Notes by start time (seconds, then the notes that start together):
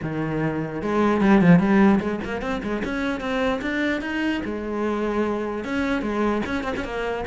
0.02 D#3
0.81 G#3
1.21 G3
1.41 F3
1.59 G3
2.00 G#3
2.24 A#3
2.41 C4
2.62 G#3
2.84 C#4
3.20 C4
3.61 D4
4.01 D#4
4.44 G#3
5.64 C#4
6.01 G#3
6.46 C#4
6.63 C4
6.77 C#4
6.84 A#3